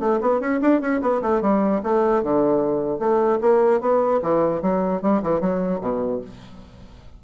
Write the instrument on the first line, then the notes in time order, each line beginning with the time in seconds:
bassoon
0.00 A3
0.21 B3
0.40 C#4
0.61 D4
0.81 C#4
1.01 B3
1.22 A3
1.41 G3
1.83 A3
2.23 D3
2.99 A3
3.41 A#3
3.80 B3
4.22 E3
4.62 F#3
5.02 G3
5.23 E3
5.41 F#3
5.81 B2